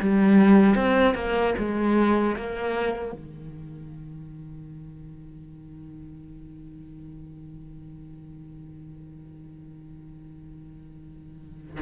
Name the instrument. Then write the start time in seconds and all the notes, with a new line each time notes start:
cello
0.00 G3
0.75 C4
1.14 A#3
1.58 G#3
2.36 A#3
3.12 D#3